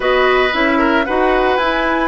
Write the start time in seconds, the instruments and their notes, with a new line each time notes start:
0.00 bassoon B3, clarinet F#4, oboe B4, flute D#5
0.52 bassoon C#4, clarinet E4, flute E5
0.78 oboe A#4
1.05 bassoon D#4, clarinet F#4, oboe B4, flute F#5
1.57 bassoon E4, clarinet E4, flute G#5